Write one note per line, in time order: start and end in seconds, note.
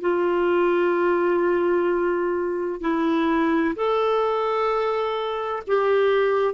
0.00 2.80 F4
2.80 3.74 E4
3.75 5.62 A4
5.67 6.54 G4